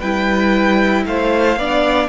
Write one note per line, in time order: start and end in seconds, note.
0.00 1.06 G3
0.00 1.59 E4
0.00 1.03 B4
0.00 1.04 G5
1.06 1.57 A3
1.06 1.59 C5
1.06 2.09 F5
1.57 2.09 B3
1.57 2.09 D4
1.57 2.09 D5